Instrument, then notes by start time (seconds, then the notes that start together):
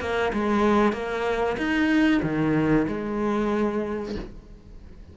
cello
0.00 A#3
0.32 G#3
0.93 A#3
1.57 D#4
2.23 D#3
2.88 G#3